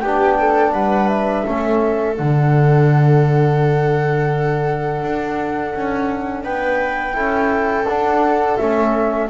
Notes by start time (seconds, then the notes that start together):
0.00 B3 D4 G4 G5
0.38 A4
0.72 G3 B4 F#5
1.08 E5
1.46 A3 C#4 A4
2.15 D3 D4 F#5
5.02 D4
5.74 C#4
6.43 B3 B4 G5
7.13 C#4 E4 A4
7.86 D4 F#5
8.57 A3 C#4 E5